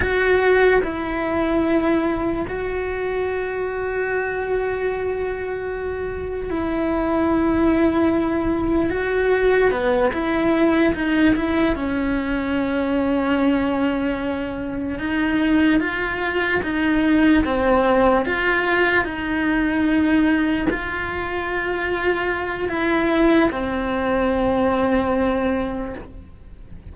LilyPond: \new Staff \with { instrumentName = "cello" } { \time 4/4 \tempo 4 = 74 fis'4 e'2 fis'4~ | fis'1 | e'2. fis'4 | b8 e'4 dis'8 e'8 cis'4.~ |
cis'2~ cis'8 dis'4 f'8~ | f'8 dis'4 c'4 f'4 dis'8~ | dis'4. f'2~ f'8 | e'4 c'2. | }